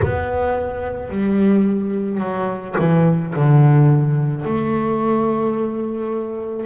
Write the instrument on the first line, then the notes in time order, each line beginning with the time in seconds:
double bass
0.03 B3
1.09 G3
2.20 F#3
2.78 E3
3.35 D3
4.44 A3